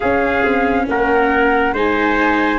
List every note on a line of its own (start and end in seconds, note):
0.00 0.44 C#4
0.00 1.75 C#4
0.00 0.86 G#4
0.00 0.86 F5
0.44 0.87 C4
0.88 1.72 A#3
0.88 1.73 A#4
0.88 1.75 F#5
1.72 2.59 G#3
1.72 2.59 D#4
1.72 2.59 C5
1.72 2.59 G#5